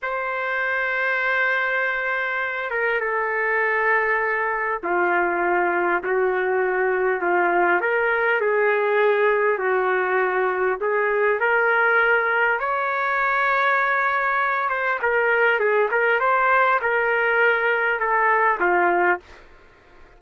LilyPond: \new Staff \with { instrumentName = "trumpet" } { \time 4/4 \tempo 4 = 100 c''1~ | c''8 ais'8 a'2. | f'2 fis'2 | f'4 ais'4 gis'2 |
fis'2 gis'4 ais'4~ | ais'4 cis''2.~ | cis''8 c''8 ais'4 gis'8 ais'8 c''4 | ais'2 a'4 f'4 | }